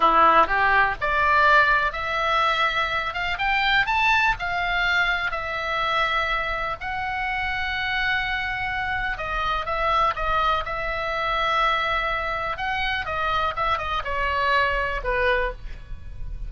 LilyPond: \new Staff \with { instrumentName = "oboe" } { \time 4/4 \tempo 4 = 124 e'4 g'4 d''2 | e''2~ e''8 f''8 g''4 | a''4 f''2 e''4~ | e''2 fis''2~ |
fis''2. dis''4 | e''4 dis''4 e''2~ | e''2 fis''4 dis''4 | e''8 dis''8 cis''2 b'4 | }